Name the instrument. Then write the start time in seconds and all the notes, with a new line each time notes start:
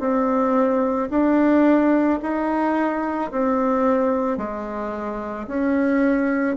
bassoon
0.00 C4
1.11 D4
2.22 D#4
3.31 C4
4.38 G#3
5.47 C#4